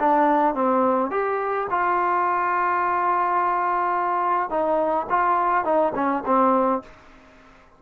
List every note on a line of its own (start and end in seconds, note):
0.00 0.55 D4
0.55 1.11 C4
1.11 1.68 G4
1.71 4.51 F4
4.51 5.07 D#4
5.10 5.65 F4
5.65 5.93 D#4
5.96 6.24 C#4
6.26 6.83 C4